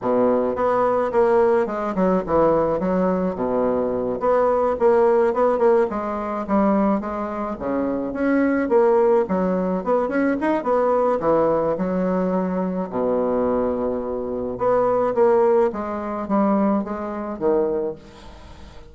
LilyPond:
\new Staff \with { instrumentName = "bassoon" } { \time 4/4 \tempo 4 = 107 b,4 b4 ais4 gis8 fis8 | e4 fis4 b,4. b8~ | b8 ais4 b8 ais8 gis4 g8~ | g8 gis4 cis4 cis'4 ais8~ |
ais8 fis4 b8 cis'8 dis'8 b4 | e4 fis2 b,4~ | b,2 b4 ais4 | gis4 g4 gis4 dis4 | }